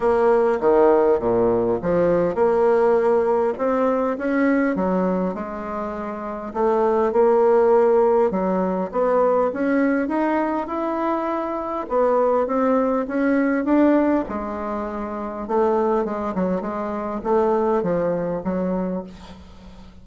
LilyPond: \new Staff \with { instrumentName = "bassoon" } { \time 4/4 \tempo 4 = 101 ais4 dis4 ais,4 f4 | ais2 c'4 cis'4 | fis4 gis2 a4 | ais2 fis4 b4 |
cis'4 dis'4 e'2 | b4 c'4 cis'4 d'4 | gis2 a4 gis8 fis8 | gis4 a4 f4 fis4 | }